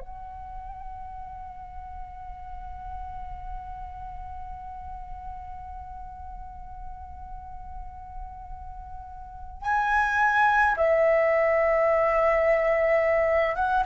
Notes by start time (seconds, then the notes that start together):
0.00 F#5
9.62 G#5
10.77 E5
13.55 F#5